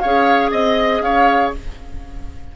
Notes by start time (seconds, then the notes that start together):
0.00 C#4 G#4 C#5 F5
0.51 C4 D#5
1.01 C#4 C#5 F5